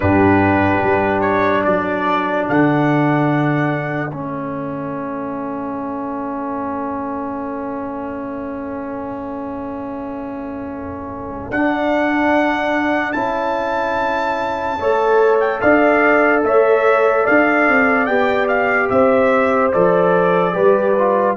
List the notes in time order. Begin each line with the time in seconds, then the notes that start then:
0.00 G2 D4 G4 B4
0.83 G3
1.21 C#5
1.64 F#3 A4 D5
2.48 D3 F#5
4.11 A3 C#4 E5
11.50 D4 F#5
13.12 C#4 E4 A5
14.79 A3 A4 C#5
15.40 G5
15.60 D4 D5 F5
16.43 A3 C#5 E5
17.24 D4 D5 F5
17.68 C4
18.06 B3 G4 G5
18.48 F5
18.89 C4 C5 E5
19.72 F3 A4 D5
20.53 G3 G4 B4
20.98 F4